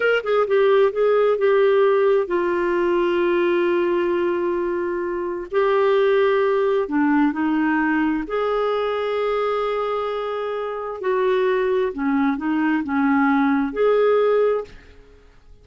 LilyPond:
\new Staff \with { instrumentName = "clarinet" } { \time 4/4 \tempo 4 = 131 ais'8 gis'8 g'4 gis'4 g'4~ | g'4 f'2.~ | f'1 | g'2. d'4 |
dis'2 gis'2~ | gis'1 | fis'2 cis'4 dis'4 | cis'2 gis'2 | }